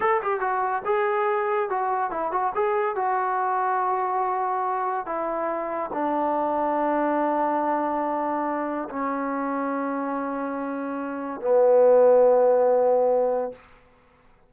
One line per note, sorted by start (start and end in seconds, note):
0.00 0.21 A4
0.22 0.40 G4
0.40 0.82 F#4
0.85 1.69 G#4
1.69 2.10 F#4
2.10 2.31 E4
2.31 2.52 F#4
2.55 2.95 G#4
2.95 5.06 F#4
5.06 5.90 E4
5.93 8.88 D4
8.89 11.40 C#4
11.40 13.52 B3